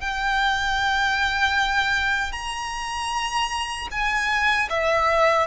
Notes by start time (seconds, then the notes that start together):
0.00 G5
2.32 A#5
3.91 G#5
4.69 E5